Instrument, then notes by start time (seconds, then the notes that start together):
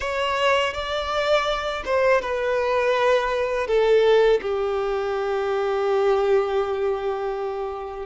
violin
0.00 C#5
0.73 D5
1.85 C5
2.22 B4
3.67 A4
4.41 G4